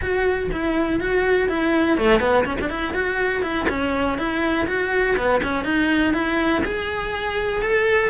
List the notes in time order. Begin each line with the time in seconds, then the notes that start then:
0.01 F#4
0.51 E4
1.00 F#4
1.48 E4
1.97 A3
2.20 B3
2.45 C#4
2.60 D4
2.69 E4
2.94 F#4
3.42 E4
3.69 C#4
4.17 E4
4.67 F#4
5.16 B3
5.43 C#4
5.64 D#4
6.13 E4
6.64 G#4
7.62 A4